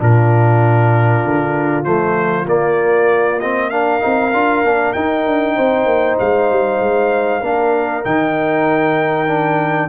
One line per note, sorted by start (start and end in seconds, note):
0.00 1.25 A#2
0.00 1.85 D4
0.00 3.71 F4
0.00 1.85 A#4
1.26 1.86 D3
1.85 2.46 F3
1.85 2.47 A3
1.85 2.47 C5
2.46 4.01 A#3
2.46 3.41 A#3
2.46 3.40 D5
3.40 3.72 C4
3.40 3.70 D#5
3.70 4.01 D4
3.70 5.56 A#4
3.70 4.93 F5
4.01 4.34 C4
4.01 4.31 D#4
4.34 4.64 D4
4.34 4.65 F4
4.64 4.95 A#3
4.64 4.96 D4
4.93 5.27 D#4
4.93 7.43 D#4
4.93 6.17 G5
5.27 5.58 D4
5.56 5.86 C4
5.56 7.41 C5
5.86 6.17 A#3
6.20 6.51 G#3
6.20 8.05 F5
6.51 6.80 G3
6.80 7.42 G#3
7.41 8.05 A#3
7.41 8.05 D4
7.41 9.89 A#4
8.05 9.89 D#3
8.05 9.28 D#4
8.05 9.89 G5
9.28 9.89 D4